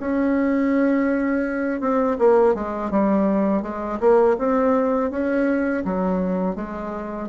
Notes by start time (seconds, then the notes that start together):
0.00 C#4
1.81 C4
2.19 A#3
2.55 G#3
2.91 G3
3.63 G#3
4.00 A#3
4.38 C4
5.11 C#4
5.85 F#3
6.56 G#3